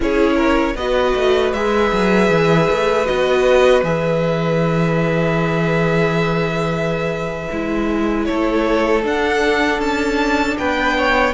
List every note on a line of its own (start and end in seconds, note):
0.00 0.75 C#4
0.00 0.75 E4
0.00 0.35 G#4
0.00 0.76 C#5
0.35 0.74 A#4
0.75 1.13 B3
0.75 1.55 F#4
0.75 8.27 B4
0.75 1.53 D#5
1.15 1.53 A3
1.53 1.91 G#3
1.53 3.05 G#4
1.53 3.06 E5
1.92 2.29 F#3
2.29 2.68 E3
2.69 3.08 A3
3.05 3.82 B3
3.05 3.82 F#4
3.05 3.83 D#5
3.82 7.48 E3
3.82 7.48 G#4
3.82 8.25 E5
7.51 8.28 G#3
7.51 9.02 E4
8.25 9.04 A3
8.25 10.58 A4
8.25 9.02 C#5
9.02 11.33 D4
9.02 9.78 D4
9.02 9.80 F#5
9.78 10.55 C#4
9.78 10.57 A5
10.57 11.33 B3
10.57 10.96 B4
10.57 11.33 G5
10.97 11.33 C#5